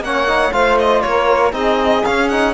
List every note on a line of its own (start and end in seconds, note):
0.00 0.50 A#3
0.00 0.27 C#4
0.00 0.53 C#5
0.00 0.52 F#5
0.27 0.52 D#4
0.52 1.03 A3
0.52 1.52 F4
0.52 1.03 C5
0.52 0.77 F5
0.78 1.01 D#5
1.01 1.52 A#3
1.01 1.54 A#4
1.01 1.52 C#5
1.52 2.03 C4
1.52 2.02 D#4
1.52 2.54 G#4
1.52 2.04 D#5
2.04 2.54 C#4
2.04 2.31 C#4
2.04 2.28 F5
2.28 2.54 D#4
2.28 2.53 F#5